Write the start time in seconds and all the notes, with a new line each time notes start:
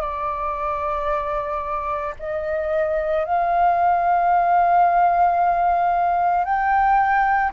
0.00 D5
2.19 D#5
3.24 F5
6.44 G5